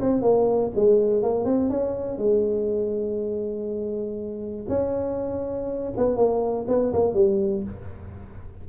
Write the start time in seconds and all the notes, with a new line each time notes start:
0.00 C4
0.21 A#3
0.75 G#3
1.22 A#3
1.45 C4
1.69 C#4
2.18 G#3
4.68 C#4
5.97 B3
6.16 A#3
6.68 B3
6.93 A#3
7.14 G3